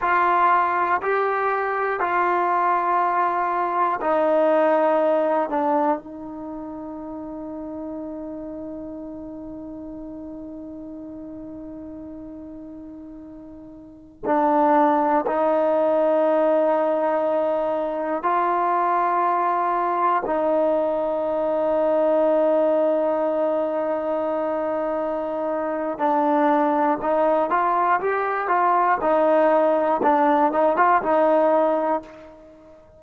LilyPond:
\new Staff \with { instrumentName = "trombone" } { \time 4/4 \tempo 4 = 60 f'4 g'4 f'2 | dis'4. d'8 dis'2~ | dis'1~ | dis'2~ dis'16 d'4 dis'8.~ |
dis'2~ dis'16 f'4.~ f'16~ | f'16 dis'2.~ dis'8.~ | dis'2 d'4 dis'8 f'8 | g'8 f'8 dis'4 d'8 dis'16 f'16 dis'4 | }